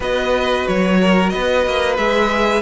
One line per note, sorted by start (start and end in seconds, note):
0.00 0.66 B3
0.00 1.97 F#4
0.00 0.98 B4
0.00 0.67 D#5
0.67 1.34 F#3
0.67 1.29 C#5
1.01 1.32 A#4
1.29 1.66 B3
1.29 2.62 B4
1.29 1.95 D#5
1.66 1.97 A#3
1.97 2.62 G#3
1.97 2.62 G#4
1.97 2.62 E5